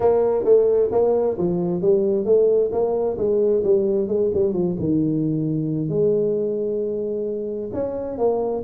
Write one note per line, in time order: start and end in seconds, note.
0.00 0.44 A#3
0.44 0.89 A3
0.91 1.37 A#3
1.37 1.81 F3
1.81 2.25 G3
2.25 2.70 A3
2.71 3.17 A#3
3.17 3.63 G#3
3.63 4.08 G3
4.08 4.30 G#3
4.34 4.53 G3
4.53 4.76 F3
4.79 5.88 D#3
5.88 7.70 G#3
7.73 8.17 C#4
8.17 8.63 A#3